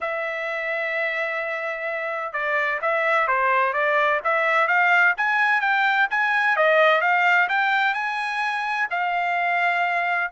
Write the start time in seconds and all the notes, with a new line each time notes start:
0.00 E5
2.32 D5
2.81 E5
3.27 C5
3.73 D5
4.24 E5
4.67 F5
5.17 G#5
5.60 G5
6.10 G#5
6.56 D#5
7.01 F5
7.48 G5
7.93 G#5
8.90 F5